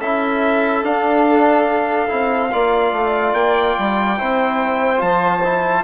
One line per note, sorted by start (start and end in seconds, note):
0.00 0.82 C#4
0.00 0.85 E4
0.00 2.50 A4
0.00 0.84 E5
0.82 2.07 D4
0.82 2.08 D4
0.82 3.34 F5
2.08 2.53 C4
2.08 2.49 E4
2.51 2.92 A#3
2.51 4.17 F4
2.51 4.18 D5
2.92 3.33 A3
3.33 3.74 A#3
3.33 5.00 G5
3.78 4.20 G3
4.17 5.02 C4
4.17 4.97 E4
4.17 5.84 C5
4.97 5.84 F3
4.97 5.38 F4
4.97 5.84 A5
5.43 5.84 E4